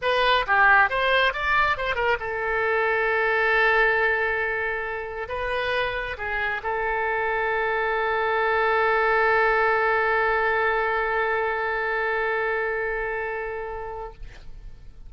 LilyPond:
\new Staff \with { instrumentName = "oboe" } { \time 4/4 \tempo 4 = 136 b'4 g'4 c''4 d''4 | c''8 ais'8 a'2.~ | a'1 | b'2 gis'4 a'4~ |
a'1~ | a'1~ | a'1~ | a'1 | }